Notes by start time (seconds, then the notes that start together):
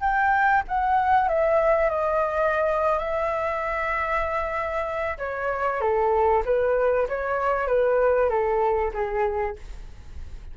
0.00 G5
0.68 F#5
1.28 E5
1.89 D#5
2.99 E5
5.18 C#5
5.80 A4
6.45 B4
7.08 C#5
7.67 B4
8.29 A4
8.93 G#4